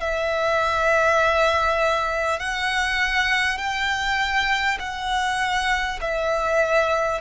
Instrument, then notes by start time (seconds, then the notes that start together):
violin
0.00 E5
2.39 F#5
3.58 G5
4.79 F#5
6.01 E5